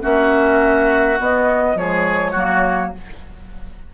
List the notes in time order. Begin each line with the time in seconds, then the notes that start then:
0.00 A#3 C#4 F#4 E5
1.17 B3 D#5
1.75 F3 G#3 G#4 C#5
2.31 F#3 A#3 F#4